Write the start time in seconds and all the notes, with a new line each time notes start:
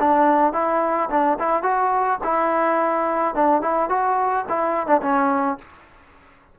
0.00 D4
0.53 E4
1.10 D4
1.40 E4
1.63 F#4
2.24 E4
3.35 D4
3.62 E4
3.90 F#4
4.49 E4
4.87 D4
5.02 C#4